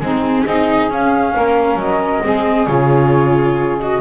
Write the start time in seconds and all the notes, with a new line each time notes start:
0.00 G#3 C4 D#4 G#4
0.45 C4 D#4 G#4 D#5
0.90 C#4 F5
1.36 A#3 A#4
1.76 F#3 D#5
2.23 G#3 C4 G#4
2.66 C#3 F4 C#5
3.80 F#4 D#5